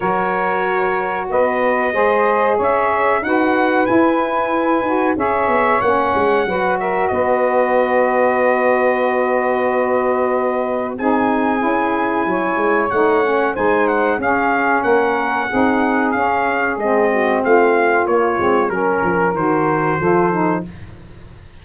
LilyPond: <<
  \new Staff \with { instrumentName = "trumpet" } { \time 4/4 \tempo 4 = 93 cis''2 dis''2 | e''4 fis''4 gis''2 | e''4 fis''4. e''8 dis''4~ | dis''1~ |
dis''4 gis''2. | fis''4 gis''8 fis''8 f''4 fis''4~ | fis''4 f''4 dis''4 f''4 | cis''4 ais'4 c''2 | }
  \new Staff \with { instrumentName = "saxophone" } { \time 4/4 ais'2 b'4 c''4 | cis''4 b'2. | cis''2 b'8 ais'8 b'4~ | b'1~ |
b'4 gis'2 cis''4~ | cis''4 c''4 gis'4 ais'4 | gis'2~ gis'8 fis'8 f'4~ | f'4 ais'2 a'4 | }
  \new Staff \with { instrumentName = "saxophone" } { \time 4/4 fis'2. gis'4~ | gis'4 fis'4 e'4. fis'8 | gis'4 cis'4 fis'2~ | fis'1~ |
fis'4 dis'4 e'2 | dis'8 cis'8 dis'4 cis'2 | dis'4 cis'4 c'2 | ais8 c'8 cis'4 fis'4 f'8 dis'8 | }
  \new Staff \with { instrumentName = "tuba" } { \time 4/4 fis2 b4 gis4 | cis'4 dis'4 e'4. dis'8 | cis'8 b8 ais8 gis8 fis4 b4~ | b1~ |
b4 c'4 cis'4 fis8 gis8 | a4 gis4 cis'4 ais4 | c'4 cis'4 gis4 a4 | ais8 gis8 fis8 f8 dis4 f4 | }
>>